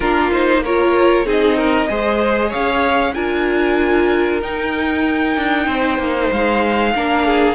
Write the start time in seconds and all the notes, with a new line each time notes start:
0.00 A#3 D4 F4 A#4
0.31 D#4 C5
0.64 F4 A#4 C#5
1.25 C4 D#4 G#4 D#5
1.57 A#4
1.87 G#3 G#4 C5
2.49 C#4 C#5 F5
3.14 D4 F4 A#4 G#5
4.41 D#4 G5
5.36 D4
5.67 C4 C5
5.98 A#3
6.31 G#3 F5
6.94 A#3 D4 A#4
7.26 G#4